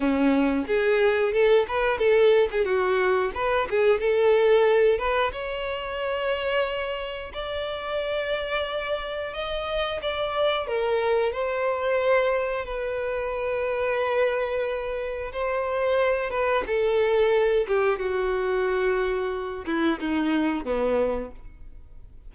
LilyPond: \new Staff \with { instrumentName = "violin" } { \time 4/4 \tempo 4 = 90 cis'4 gis'4 a'8 b'8 a'8. gis'16 | fis'4 b'8 gis'8 a'4. b'8 | cis''2. d''4~ | d''2 dis''4 d''4 |
ais'4 c''2 b'4~ | b'2. c''4~ | c''8 b'8 a'4. g'8 fis'4~ | fis'4. e'8 dis'4 b4 | }